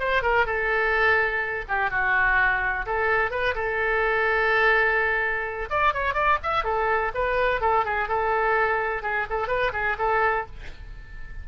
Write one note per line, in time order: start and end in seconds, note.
0.00 0.23 C5
0.23 0.46 A#4
0.46 1.65 A4
1.69 1.91 G4
1.91 2.86 F#4
2.86 3.31 A4
3.31 3.55 B4
3.55 5.69 A4
5.70 5.94 D5
5.94 6.15 C#5
6.15 6.38 D5
6.43 6.65 E5
6.65 7.12 A4
7.15 7.61 B4
7.61 7.85 A4
7.85 8.09 G#4
8.09 9.03 A4
9.03 9.27 G#4
9.30 9.48 A4
9.48 9.72 B4
9.73 9.97 G#4
9.99 10.46 A4